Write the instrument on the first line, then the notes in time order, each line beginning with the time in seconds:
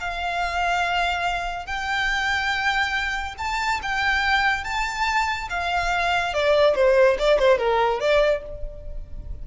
violin
0.00 F5
1.66 G5
3.38 A5
3.82 G5
4.64 A5
5.50 F5
6.34 D5
6.75 C5
7.19 D5
7.39 C5
7.58 A#4
8.00 D5